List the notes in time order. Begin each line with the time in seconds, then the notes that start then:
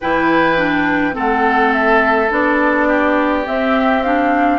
0.00 E3 E4 B4 G5
0.57 D4
1.12 A3 C4 A4 F#5
1.73 E5
2.30 B3 D4 D5
2.87 G4
3.45 C4 E5
4.03 D4 F5